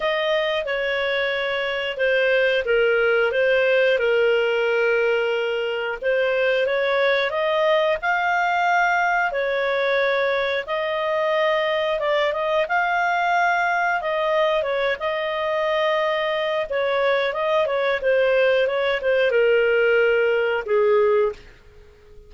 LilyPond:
\new Staff \with { instrumentName = "clarinet" } { \time 4/4 \tempo 4 = 90 dis''4 cis''2 c''4 | ais'4 c''4 ais'2~ | ais'4 c''4 cis''4 dis''4 | f''2 cis''2 |
dis''2 d''8 dis''8 f''4~ | f''4 dis''4 cis''8 dis''4.~ | dis''4 cis''4 dis''8 cis''8 c''4 | cis''8 c''8 ais'2 gis'4 | }